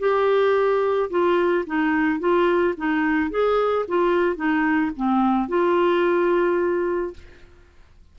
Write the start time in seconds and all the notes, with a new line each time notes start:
0.00 G4
1.10 F4
1.67 D#4
2.20 F4
2.78 D#4
3.31 G#4
3.89 F4
4.37 D#4
4.97 C4
5.49 F4